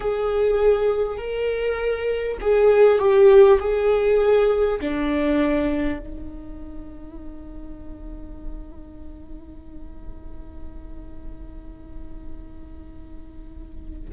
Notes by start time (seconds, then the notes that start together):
0.00 G#4
1.17 A#4
2.40 G#4
2.98 G4
3.59 G#4
4.81 D4
5.99 D#4